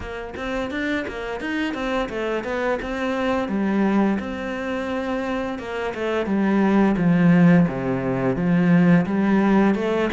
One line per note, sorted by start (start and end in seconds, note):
0.00 0.34 A#3
0.36 0.70 C4
0.70 1.05 D4
1.07 1.40 A#3
1.40 1.74 D#4
1.74 2.09 C4
2.09 2.44 A3
2.44 2.78 B3
2.82 3.48 C4
3.48 4.18 G3
4.19 5.58 C4
5.58 5.93 A#3
5.94 6.26 A3
6.26 6.95 G3
6.97 7.66 F3
7.68 8.36 C3
8.36 9.05 F3
9.06 9.75 G3
9.75 10.09 A3